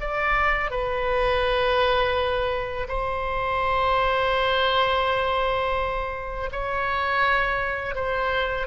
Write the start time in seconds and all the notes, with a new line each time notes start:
0.00 D5
0.70 B4
2.88 C5
6.52 C#5
7.95 C5